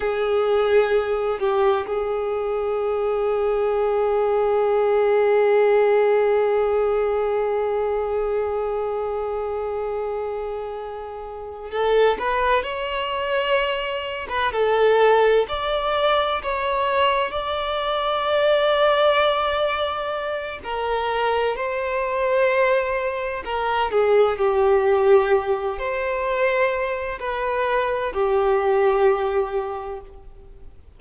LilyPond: \new Staff \with { instrumentName = "violin" } { \time 4/4 \tempo 4 = 64 gis'4. g'8 gis'2~ | gis'1~ | gis'1~ | gis'8 a'8 b'8 cis''4.~ cis''16 b'16 a'8~ |
a'8 d''4 cis''4 d''4.~ | d''2 ais'4 c''4~ | c''4 ais'8 gis'8 g'4. c''8~ | c''4 b'4 g'2 | }